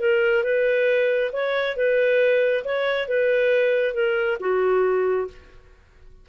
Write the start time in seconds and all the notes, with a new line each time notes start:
0.00 A#4
0.44 B4
1.33 C#5
1.77 B4
2.65 C#5
3.08 B4
3.94 A#4
4.40 F#4